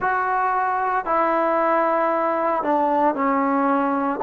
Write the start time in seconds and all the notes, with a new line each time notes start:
0.00 F#4
1.05 E4
2.62 D4
3.14 C#4